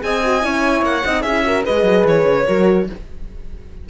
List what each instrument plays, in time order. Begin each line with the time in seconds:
0.00 cello C4, horn G#4, flute D#5, violin G#5
0.24 horn F#4
0.41 cello C#4, horn E4, flute C#5
0.82 cello A#3, violin F#5
1.06 cello C4, horn D#4, flute D#5
1.22 cello C#4, flute G#4, violin E5
1.28 horn E4
1.44 horn F#4, flute A#4
1.65 cello G#3, horn G#4, flute B4, violin D#5
1.83 cello F#3
2.05 cello E3, violin C#5
2.25 cello C#3
2.47 cello F#3, horn F#4, flute A#4